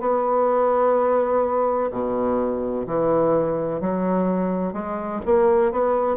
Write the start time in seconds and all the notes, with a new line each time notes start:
0.00 B3
1.91 B2
2.86 E3
3.81 F#3
4.73 G#3
5.26 A#3
5.72 B3